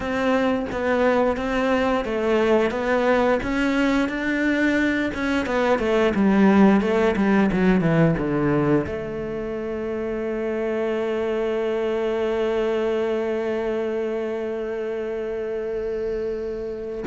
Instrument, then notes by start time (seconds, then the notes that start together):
cello
0.00 C4
0.72 B3
1.36 C4
2.05 A3
2.71 B3
3.42 C#4
4.08 D4
5.14 C#4
5.45 B3
5.79 A3
6.14 G3
6.81 A3
7.16 G3
7.52 F#3
7.80 E3
8.18 D3
8.86 A3